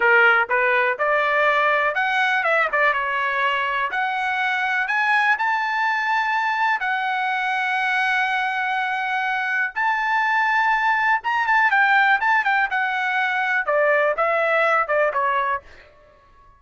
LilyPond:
\new Staff \with { instrumentName = "trumpet" } { \time 4/4 \tempo 4 = 123 ais'4 b'4 d''2 | fis''4 e''8 d''8 cis''2 | fis''2 gis''4 a''4~ | a''2 fis''2~ |
fis''1 | a''2. ais''8 a''8 | g''4 a''8 g''8 fis''2 | d''4 e''4. d''8 cis''4 | }